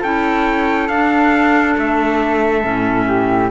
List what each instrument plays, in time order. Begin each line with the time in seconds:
0.00 cello C#4, clarinet E4, flute A4, trumpet G5
0.88 cello D4, clarinet D4, trumpet F5
1.78 cello A3, trumpet E5
2.62 cello A2, clarinet C#4
3.07 flute G4